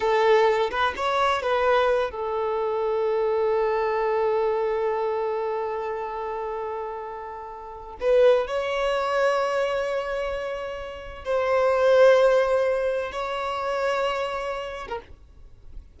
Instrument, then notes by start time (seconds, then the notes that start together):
violin
0.00 A4
0.70 B4
0.96 C#5
1.42 B4
2.11 A4
8.00 B4
8.47 C#5
11.25 C5
13.11 C#5
14.88 A#4